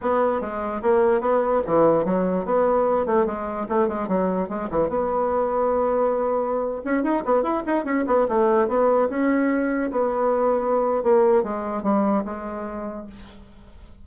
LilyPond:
\new Staff \with { instrumentName = "bassoon" } { \time 4/4 \tempo 4 = 147 b4 gis4 ais4 b4 | e4 fis4 b4. a8 | gis4 a8 gis8 fis4 gis8 e8 | b1~ |
b8. cis'8 dis'8 b8 e'8 dis'8 cis'8 b16~ | b16 a4 b4 cis'4.~ cis'16~ | cis'16 b2~ b8. ais4 | gis4 g4 gis2 | }